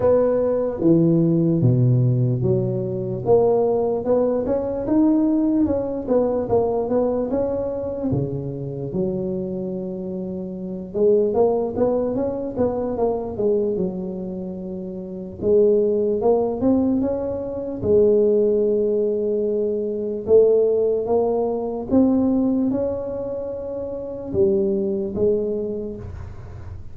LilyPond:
\new Staff \with { instrumentName = "tuba" } { \time 4/4 \tempo 4 = 74 b4 e4 b,4 fis4 | ais4 b8 cis'8 dis'4 cis'8 b8 | ais8 b8 cis'4 cis4 fis4~ | fis4. gis8 ais8 b8 cis'8 b8 |
ais8 gis8 fis2 gis4 | ais8 c'8 cis'4 gis2~ | gis4 a4 ais4 c'4 | cis'2 g4 gis4 | }